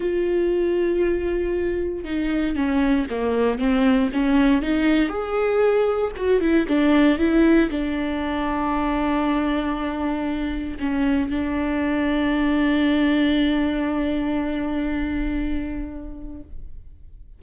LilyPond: \new Staff \with { instrumentName = "viola" } { \time 4/4 \tempo 4 = 117 f'1 | dis'4 cis'4 ais4 c'4 | cis'4 dis'4 gis'2 | fis'8 e'8 d'4 e'4 d'4~ |
d'1~ | d'4 cis'4 d'2~ | d'1~ | d'1 | }